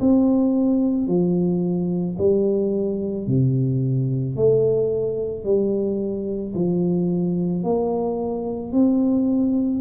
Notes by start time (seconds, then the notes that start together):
0.00 C4
1.08 F3
2.18 G3
3.27 C3
4.36 A3
5.44 G3
6.55 F3
7.64 A#3
8.73 C4